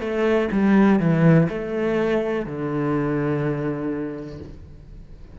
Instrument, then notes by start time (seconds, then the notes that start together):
cello
0.00 A3
0.51 G3
0.99 E3
1.49 A3
2.45 D3